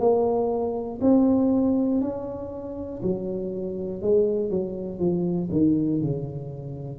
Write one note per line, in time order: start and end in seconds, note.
0.00 1.00 A#3
1.01 2.01 C4
2.01 3.01 C#4
3.03 4.02 F#3
4.02 4.51 G#3
4.51 5.00 F#3
5.00 5.50 F3
5.51 6.01 D#3
6.02 7.00 C#3